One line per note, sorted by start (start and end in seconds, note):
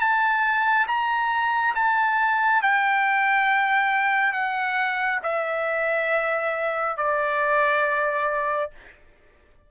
0.00 0.87 A5
0.88 1.75 A#5
1.75 2.62 A5
2.63 4.33 G5
4.33 5.20 F#5
5.23 6.97 E5
6.97 8.71 D5